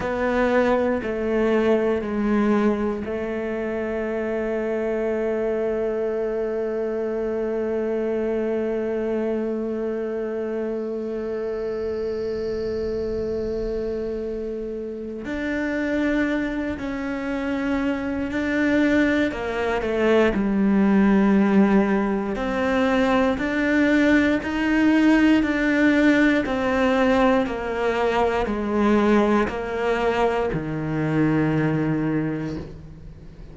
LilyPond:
\new Staff \with { instrumentName = "cello" } { \time 4/4 \tempo 4 = 59 b4 a4 gis4 a4~ | a1~ | a1~ | a2. d'4~ |
d'8 cis'4. d'4 ais8 a8 | g2 c'4 d'4 | dis'4 d'4 c'4 ais4 | gis4 ais4 dis2 | }